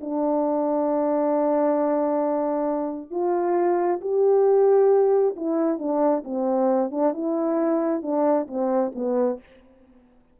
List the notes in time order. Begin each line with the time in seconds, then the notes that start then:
0.00 D4
3.10 F4
4.01 G4
5.36 E4
5.78 D4
6.24 C4
6.91 D4
7.13 E4
8.02 D4
8.47 C4
8.95 B3